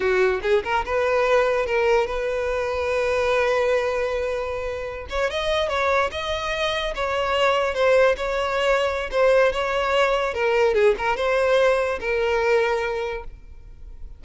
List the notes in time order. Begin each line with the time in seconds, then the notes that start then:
0.00 F#4
0.42 G#4
0.64 A#4
0.85 B4
1.66 A#4
2.07 B4
5.09 C#5
5.30 D#5
5.68 C#5
6.11 D#5
6.95 C#5
7.74 C5
8.16 C#5
9.11 C5
9.52 C#5
10.34 A#4
10.74 G#4
10.97 A#4
11.16 C5
12.00 A#4